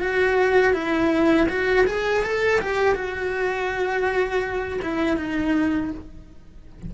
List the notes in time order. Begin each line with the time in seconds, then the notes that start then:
0.00 F#4
0.73 E4
1.48 F#4
1.86 G#4
2.23 A4
2.61 G4
2.95 F#4
4.82 E4
5.17 D#4